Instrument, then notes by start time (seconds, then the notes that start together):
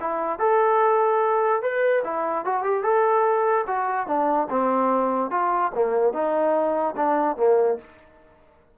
trombone
0.00 E4
0.38 A4
1.62 B4
2.04 E4
2.45 F#4
2.63 G4
2.83 A4
3.67 F#4
4.06 D4
4.49 C4
5.30 F4
5.74 A#3
6.13 D#4
6.96 D4
7.37 A#3